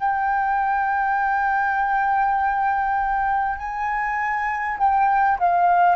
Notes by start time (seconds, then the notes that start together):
0.00 G5
3.58 G#5
4.78 G5
5.39 F5